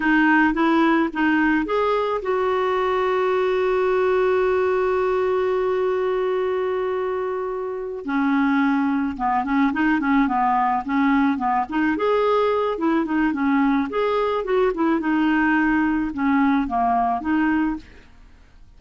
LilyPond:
\new Staff \with { instrumentName = "clarinet" } { \time 4/4 \tempo 4 = 108 dis'4 e'4 dis'4 gis'4 | fis'1~ | fis'1~ | fis'2~ fis'8 cis'4.~ |
cis'8 b8 cis'8 dis'8 cis'8 b4 cis'8~ | cis'8 b8 dis'8 gis'4. e'8 dis'8 | cis'4 gis'4 fis'8 e'8 dis'4~ | dis'4 cis'4 ais4 dis'4 | }